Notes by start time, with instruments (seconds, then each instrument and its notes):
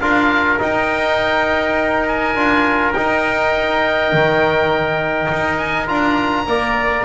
0.00 double bass D4, trombone F4, trumpet A#4, oboe F5
0.59 trombone D#4, double bass D#4, oboe G5
2.08 oboe G#5
2.35 double bass D4, trombone F4
2.94 trombone D#4, double bass D#4, oboe G5
4.13 double bass D#3
5.32 double bass D#4
5.57 oboe G#5
5.87 double bass D4, trombone F4, oboe A#5
6.47 double bass A#3, trombone A#4, trumpet D5